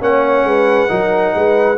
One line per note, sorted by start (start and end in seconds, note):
0.00 0.44 A#3
0.00 0.88 C#4
0.00 0.47 C#5
0.00 1.78 F#5
0.44 0.88 G#3
0.44 0.90 B4
0.88 1.35 F#3
0.88 1.77 D#4
0.88 1.34 A#4
1.35 1.78 G#3
1.35 1.78 B4